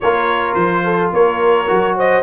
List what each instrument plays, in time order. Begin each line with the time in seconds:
0.01 tuba A#3, trombone F4, horn A#4, trumpet C#5
0.54 tuba F3, trumpet C5
0.84 horn A4
1.13 tuba A#3, horn A#4, trumpet C#5
1.66 tuba F#3, trombone F#4
1.96 horn C5, trumpet D#5